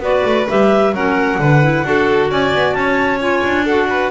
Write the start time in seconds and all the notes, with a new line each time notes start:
0.00 B3 F#4 B4 D5
0.25 A3
0.49 G3 G4 E5
0.92 F#3 C#4 A#4 F#5
1.39 D3 D4 B4
1.63 E4
1.85 D4 F#4 A4
2.31 C#4 D5 G#5
2.54 B3
2.73 C#4 C#5 A5
3.20 F4 G#5
3.44 D4
3.65 F#4 A4 F#5
3.90 B4